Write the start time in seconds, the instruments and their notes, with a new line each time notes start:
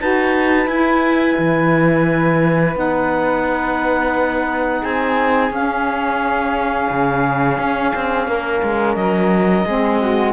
0.00 cello D#4, saxophone F#4, flute B4, clarinet A5
0.66 cello E4, saxophone E4, clarinet G#5
1.38 cello E3
2.74 cello B3, saxophone D#4, clarinet F#5
4.82 cello C4, flute G#4, clarinet G#5
5.50 cello C#4, saxophone C#4, clarinet F5
6.89 cello C#3
7.58 cello C#4
7.95 cello C4
8.27 cello A#3, flute A#4
8.62 cello G#3
8.95 cello F#3, clarinet D#5
9.65 cello G#3, saxophone C4, flute G#4
10.01 flute F#4